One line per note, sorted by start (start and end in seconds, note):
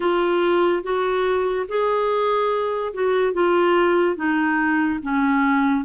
0.00 0.83 F4
0.83 1.66 F#4
1.68 2.93 G#4
2.93 3.33 F#4
3.33 4.16 F4
4.16 4.99 D#4
5.02 5.84 C#4